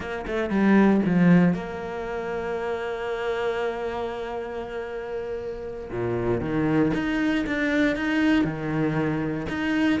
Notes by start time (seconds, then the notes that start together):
0.00 A#3
0.26 A3
0.50 G3
1.05 F3
1.54 A#3
5.90 A#2
6.40 D#3
6.93 D#4
7.46 D4
7.96 D#4
8.44 D#3
9.48 D#4